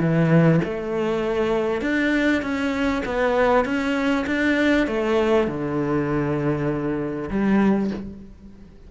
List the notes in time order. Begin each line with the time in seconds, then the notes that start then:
0.00 E3
0.65 A3
1.82 D4
2.42 C#4
3.06 B3
3.65 C#4
4.27 D4
4.88 A3
5.48 D3
7.31 G3